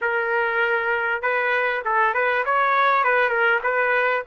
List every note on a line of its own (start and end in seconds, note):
0.01 1.21 A#4
1.21 1.82 B4
1.85 2.13 A4
2.13 2.44 B4
2.45 3.04 C#5
3.04 3.29 B4
3.29 3.59 A#4
3.63 4.23 B4